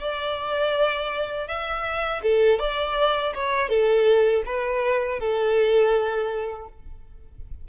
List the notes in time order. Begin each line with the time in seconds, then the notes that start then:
0.00 D5
1.47 E5
2.23 A4
2.59 D5
3.34 C#5
3.69 A4
4.46 B4
5.20 A4